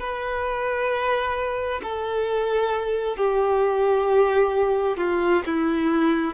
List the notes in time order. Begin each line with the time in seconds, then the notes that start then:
0.00 B4
1.83 A4
3.17 G4
4.98 F4
5.46 E4